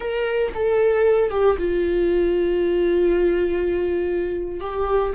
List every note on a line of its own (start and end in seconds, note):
0.00 0.52 A#4
0.54 1.30 A4
1.30 1.56 G4
1.58 4.60 F4
4.60 5.13 G4